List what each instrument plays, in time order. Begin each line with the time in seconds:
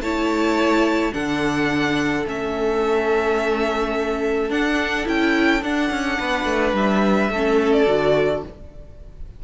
0.00 cello A3, viola E4, violin C#5 A5
1.12 cello D3, viola D4, violin A4 F#5
2.26 cello A3, viola C#4, violin E5
4.50 cello D4, viola D4, violin F#5
5.05 cello C#4, viola E4, violin G5
5.62 cello D4, viola D4, violin F#5
5.90 cello C#4
6.19 cello B3, violin B4
6.45 cello A3
6.73 cello G3, violin E5
7.29 cello A3, violin A4
7.36 viola C#4
7.72 violin D5
7.87 cello D3, viola F#4